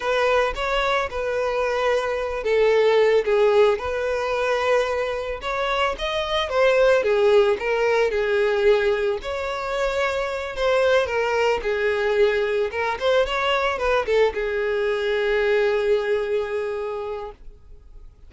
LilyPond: \new Staff \with { instrumentName = "violin" } { \time 4/4 \tempo 4 = 111 b'4 cis''4 b'2~ | b'8 a'4. gis'4 b'4~ | b'2 cis''4 dis''4 | c''4 gis'4 ais'4 gis'4~ |
gis'4 cis''2~ cis''8 c''8~ | c''8 ais'4 gis'2 ais'8 | c''8 cis''4 b'8 a'8 gis'4.~ | gis'1 | }